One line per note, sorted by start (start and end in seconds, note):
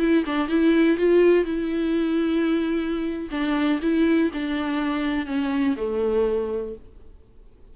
0.00 0.25 E4
0.26 0.49 D4
0.49 0.98 E4
0.98 1.45 F4
1.45 3.30 E4
3.31 3.80 D4
3.82 4.31 E4
4.34 5.27 D4
5.27 5.76 C#4
5.77 6.76 A3